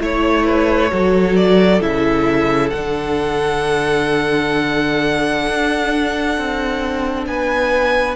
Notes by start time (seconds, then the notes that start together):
0.00 A3 E4 C#5
0.46 B4
0.92 F#3 F#4 A4
1.37 D5
1.81 C#3 E4 E5
2.70 D3 D4 F#5
5.48 D4
6.38 C4
7.26 B3 B4 G#5